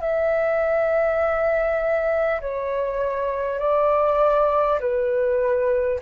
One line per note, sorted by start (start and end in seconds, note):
0.00 2.40 E5
2.40 3.59 C#5
3.59 4.79 D5
4.79 5.99 B4